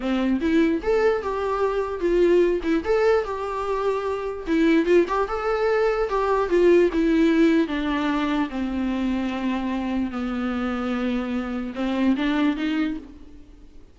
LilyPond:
\new Staff \with { instrumentName = "viola" } { \time 4/4 \tempo 4 = 148 c'4 e'4 a'4 g'4~ | g'4 f'4. e'8 a'4 | g'2. e'4 | f'8 g'8 a'2 g'4 |
f'4 e'2 d'4~ | d'4 c'2.~ | c'4 b2.~ | b4 c'4 d'4 dis'4 | }